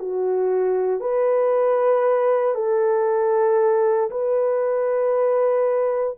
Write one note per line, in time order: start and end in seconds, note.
0.00 1.01 F#4
1.01 2.55 B4
2.55 4.10 A4
4.11 6.17 B4